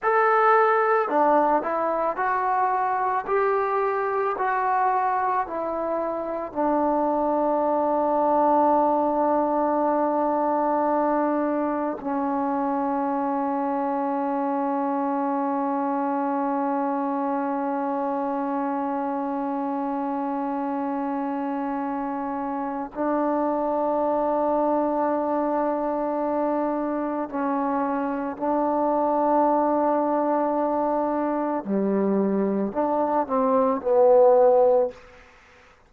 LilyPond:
\new Staff \with { instrumentName = "trombone" } { \time 4/4 \tempo 4 = 55 a'4 d'8 e'8 fis'4 g'4 | fis'4 e'4 d'2~ | d'2. cis'4~ | cis'1~ |
cis'1~ | cis'4 d'2.~ | d'4 cis'4 d'2~ | d'4 g4 d'8 c'8 b4 | }